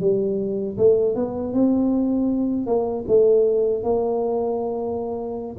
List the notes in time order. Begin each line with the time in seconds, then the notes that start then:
0.00 G3
0.77 A3
1.15 B3
1.53 C4
2.66 A#3
3.07 A3
3.83 A#3